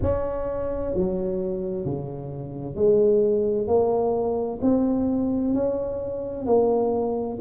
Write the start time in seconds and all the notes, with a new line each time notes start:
0.02 C#4
0.94 F#3
1.85 C#3
2.75 G#3
3.67 A#3
4.62 C4
5.53 C#4
6.46 A#3